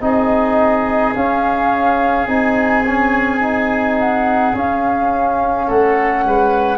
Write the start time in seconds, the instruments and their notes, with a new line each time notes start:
0.00 tuba C4, trombone D#4, oboe G#4, flute D#5
1.14 trombone C#4, tuba C#4, flute F5
2.26 tuba C4, trombone D#4, flute G#5
2.86 trombone C#4
3.40 trombone D#4
3.99 flute F#5
4.53 trombone C#4, tuba C#4, flute F5
5.67 tuba A3, oboe A4, flute F#5
6.25 tuba G#3, oboe B4